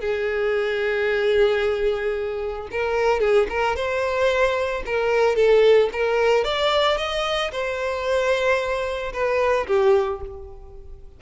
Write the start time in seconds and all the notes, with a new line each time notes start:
0.00 G#4
2.71 A#4
3.20 G#4
3.49 A#4
3.75 C5
4.86 A#4
5.36 A4
5.92 A#4
6.44 D5
6.97 D#5
7.51 C5
9.13 B4
9.66 G4